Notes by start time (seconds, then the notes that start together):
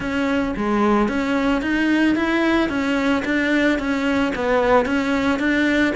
0.00 C#4
0.56 G#3
1.08 C#4
1.61 D#4
2.15 E4
2.69 C#4
3.24 D4
3.78 C#4
4.35 B3
4.85 C#4
5.39 D4